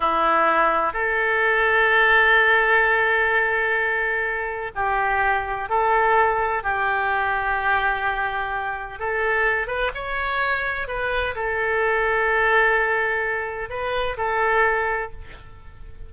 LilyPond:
\new Staff \with { instrumentName = "oboe" } { \time 4/4 \tempo 4 = 127 e'2 a'2~ | a'1~ | a'2 g'2 | a'2 g'2~ |
g'2. a'4~ | a'8 b'8 cis''2 b'4 | a'1~ | a'4 b'4 a'2 | }